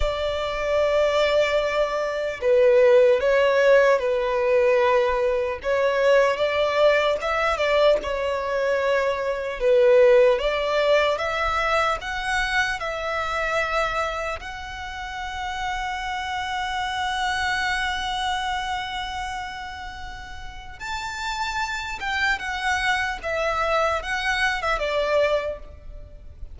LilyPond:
\new Staff \with { instrumentName = "violin" } { \time 4/4 \tempo 4 = 75 d''2. b'4 | cis''4 b'2 cis''4 | d''4 e''8 d''8 cis''2 | b'4 d''4 e''4 fis''4 |
e''2 fis''2~ | fis''1~ | fis''2 a''4. g''8 | fis''4 e''4 fis''8. e''16 d''4 | }